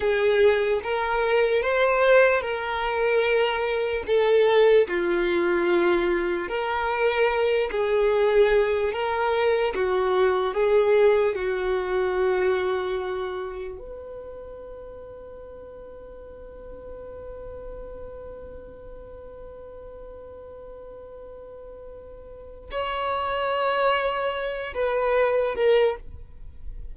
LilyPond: \new Staff \with { instrumentName = "violin" } { \time 4/4 \tempo 4 = 74 gis'4 ais'4 c''4 ais'4~ | ais'4 a'4 f'2 | ais'4. gis'4. ais'4 | fis'4 gis'4 fis'2~ |
fis'4 b'2.~ | b'1~ | b'1 | cis''2~ cis''8 b'4 ais'8 | }